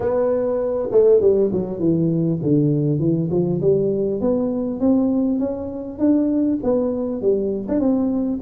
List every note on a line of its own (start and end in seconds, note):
0.00 0.89 B3
0.91 1.20 A3
1.20 1.50 G3
1.52 1.79 F#3
1.79 2.39 E3
2.42 2.99 D3
2.99 3.29 E3
3.31 3.61 F3
3.61 4.21 G3
4.21 4.80 B3
4.80 5.39 C4
5.39 5.98 C#4
5.98 6.58 D4
6.63 7.21 B3
7.21 7.66 G3
7.68 7.79 D4
7.79 8.39 C4